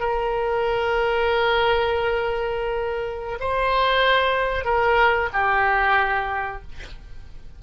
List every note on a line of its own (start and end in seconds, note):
0.00 3.39 A#4
3.40 4.65 C5
4.65 5.29 A#4
5.33 6.62 G4